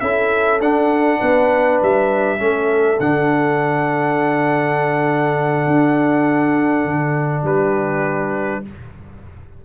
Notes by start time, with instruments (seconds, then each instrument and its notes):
0.00 tuba C#4, trombone E4, horn A4, trumpet E5
0.60 tuba D4, trombone D4, trumpet F#5
1.20 tuba B3, horn B4
1.82 tuba G3, trumpet E5
2.38 tuba A3, trombone C#4, horn A4
2.99 tuba D3, trombone D4, trumpet F#5
5.67 tuba D4
6.85 tuba D3
7.42 tuba G3, horn G4, trumpet B4